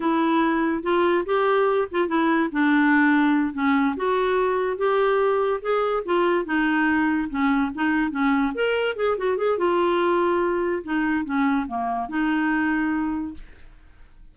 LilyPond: \new Staff \with { instrumentName = "clarinet" } { \time 4/4 \tempo 4 = 144 e'2 f'4 g'4~ | g'8 f'8 e'4 d'2~ | d'8 cis'4 fis'2 g'8~ | g'4. gis'4 f'4 dis'8~ |
dis'4. cis'4 dis'4 cis'8~ | cis'8 ais'4 gis'8 fis'8 gis'8 f'4~ | f'2 dis'4 cis'4 | ais4 dis'2. | }